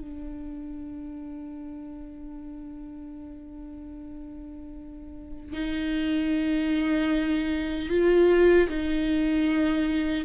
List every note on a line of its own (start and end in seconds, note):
0.00 5.52 D4
5.52 7.89 D#4
7.89 8.68 F4
8.69 10.25 D#4